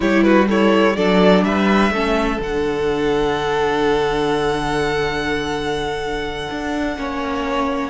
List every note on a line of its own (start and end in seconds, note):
0.00 0.96 G3
0.00 0.47 E4
0.00 0.24 G4
0.00 0.23 C#5
0.23 0.48 F#4
0.23 0.47 B4
0.47 0.96 E4
0.47 0.95 A4
0.47 0.96 C#5
0.96 1.44 F#3
0.96 1.92 D4
0.96 1.44 A4
0.96 1.44 D5
1.44 1.90 G3
1.44 1.93 B4
1.44 2.40 E5
1.90 2.38 A3
1.90 2.40 C#4
1.90 6.97 A4
2.40 6.48 D3
2.40 6.95 D4
2.40 7.90 F#5
6.50 6.96 D4
6.95 7.90 A#3
6.95 7.90 C#4
6.95 7.90 C#5